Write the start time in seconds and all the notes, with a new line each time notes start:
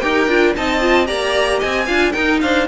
0.00 D#4 G4 A#4 G5
0.28 D4 F4
0.57 C4 D#4 D#5 A5
0.81 F4
1.07 A#3 G4 D5 A#5
1.59 C4 D#5 G#5
1.86 D4 F4 F5
2.13 D#4 A#4 G5
2.41 D4 C5 F5